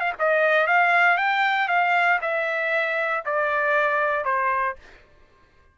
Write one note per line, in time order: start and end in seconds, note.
0.00 0.13 F5
0.19 0.67 D#5
0.67 1.17 F5
1.17 1.68 G5
1.68 2.19 F5
2.21 3.24 E5
3.25 4.24 D5
4.24 4.76 C5